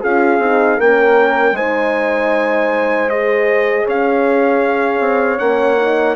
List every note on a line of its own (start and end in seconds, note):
0.00 0.38 C#4
0.00 0.41 F4
0.00 0.77 G#4
0.00 0.80 F5
0.38 0.77 C4
0.38 0.79 D#4
0.77 1.52 A#3
0.77 1.56 C#4
0.77 1.54 A#4
0.77 1.56 G5
1.52 3.83 G#3
1.52 3.09 D#4
1.52 3.85 C5
1.52 3.09 G#5
3.09 5.38 G#4
3.09 3.86 D#5
3.85 4.99 C#4
3.85 6.15 C#5
3.85 5.38 F5
4.99 5.38 C4
5.38 6.15 A#3
5.38 5.76 C#4
5.38 6.15 F#5
5.77 6.15 D#4